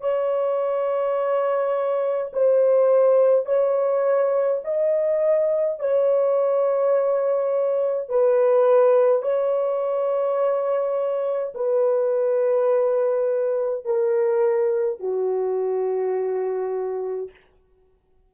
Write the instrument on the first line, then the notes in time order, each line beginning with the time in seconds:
horn
0.00 C#5
2.33 C5
3.45 C#5
4.64 D#5
5.79 C#5
8.09 B4
9.22 C#5
11.54 B4
13.85 A#4
14.99 F#4